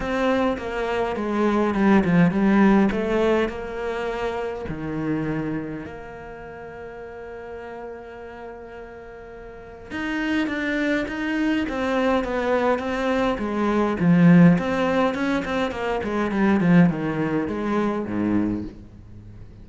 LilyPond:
\new Staff \with { instrumentName = "cello" } { \time 4/4 \tempo 4 = 103 c'4 ais4 gis4 g8 f8 | g4 a4 ais2 | dis2 ais2~ | ais1~ |
ais4 dis'4 d'4 dis'4 | c'4 b4 c'4 gis4 | f4 c'4 cis'8 c'8 ais8 gis8 | g8 f8 dis4 gis4 gis,4 | }